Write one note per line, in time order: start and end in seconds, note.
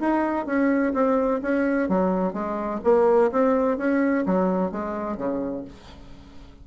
0.00 0.46 D#4
0.46 0.93 C#4
0.94 1.41 C4
1.42 1.89 C#4
1.89 2.33 F#3
2.33 2.80 G#3
2.84 3.31 A#3
3.32 3.78 C4
3.78 4.25 C#4
4.26 4.72 F#3
4.72 5.17 G#3
5.17 5.64 C#3